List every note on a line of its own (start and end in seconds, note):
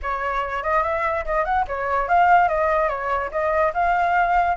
0.02 0.63 C#5
0.63 0.83 D#5
0.83 1.24 E5
1.25 1.44 D#5
1.44 1.65 F#5
1.67 2.08 C#5
2.08 2.48 F5
2.48 2.89 D#5
2.89 3.30 C#5
3.31 3.72 D#5
3.73 4.56 F5